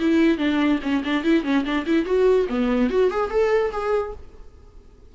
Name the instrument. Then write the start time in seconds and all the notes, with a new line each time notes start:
viola
0.00 E4
0.38 D4
0.83 C#4
1.04 D4
1.24 E4
1.44 C#4
1.65 D4
1.86 E4
2.06 F#4
2.49 B3
2.90 F#4
3.11 G#4
3.30 A4
3.72 G#4